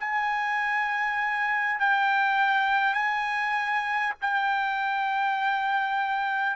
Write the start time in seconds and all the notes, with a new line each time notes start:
0.00 G#5
1.80 G5
2.94 G#5
4.22 G5